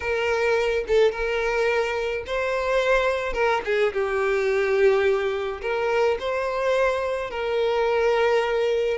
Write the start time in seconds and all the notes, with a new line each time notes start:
0.00 A#4
0.87 A4
1.11 A#4
2.26 C5
3.33 A#4
3.64 G#4
3.93 G4
5.61 A#4
6.19 C5
7.30 A#4